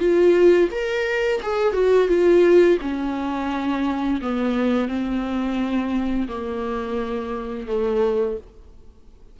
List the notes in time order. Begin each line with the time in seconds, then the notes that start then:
0.00 F4
0.72 A#4
1.43 G#4
1.74 F#4
2.09 F4
2.82 C#4
4.22 B3
4.89 C4
6.29 A#3
7.68 A3